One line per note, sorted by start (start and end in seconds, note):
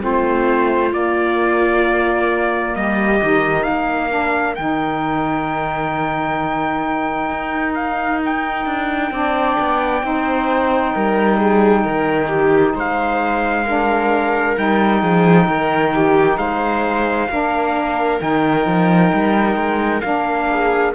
0.00 0.93 A3
0.00 0.91 C4
0.00 2.76 F4
0.00 0.94 C5
0.92 3.20 A#3
0.92 2.75 A#3
0.92 2.76 D5
2.76 3.21 G3
2.76 3.67 G4
2.76 3.64 D#5
3.23 3.69 D#3
3.23 4.10 D#4
3.64 4.58 A#3
3.64 9.12 A#4
3.64 4.55 F5
4.10 4.55 D4
4.56 7.30 D#3
4.56 9.12 D#4
4.56 7.74 G5
7.30 8.66 D#4
7.75 8.20 F5
8.25 12.79 G5
8.66 9.11 D4
9.11 9.57 C4
9.11 10.02 D4
9.11 10.05 D5
9.60 10.03 B3
10.02 10.94 C4
10.02 13.65 D#4
10.02 10.95 C5
10.95 11.85 G3
10.95 11.37 A#4
11.37 11.83 G#4
11.84 12.75 D#3
11.84 12.28 A#4
12.28 12.73 G4
12.75 14.57 G#3
12.75 13.66 C5
12.75 14.59 F5
13.66 14.56 D4
13.66 15.01 A#4
14.56 15.03 G3
14.56 17.29 D#4
14.56 16.39 G5
15.01 15.48 F3
15.01 15.47 G#4
15.48 16.38 D#3
15.48 15.95 A#4
15.95 16.39 G4
16.38 17.29 G#3
16.38 17.30 C5
16.38 18.20 F5
17.29 18.20 A#3
17.29 18.20 D4
17.29 20.50 A#4
18.20 18.66 D#3
18.20 20.02 D#4
18.20 20.02 G5
18.66 19.12 F3
19.14 19.56 G3
19.56 20.02 G#3
20.02 20.95 A#3
20.02 20.93 D4
20.02 20.93 F5
20.50 20.95 G#4